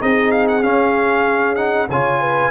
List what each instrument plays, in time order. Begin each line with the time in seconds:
0.00 tuba C4, trombone D#4, horn G#4, trumpet D#5
0.31 trumpet F5
0.48 trumpet F#5
0.63 trombone C#4, tuba C#4, trumpet F5
1.56 trombone D#4, trumpet F#5
1.89 tuba C#3, trombone F4, horn C#5, trumpet G#5
2.21 horn B4